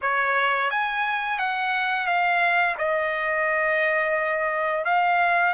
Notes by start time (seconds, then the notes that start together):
0.01 C#5
0.70 G#5
1.39 F#5
2.06 F5
2.77 D#5
4.84 F5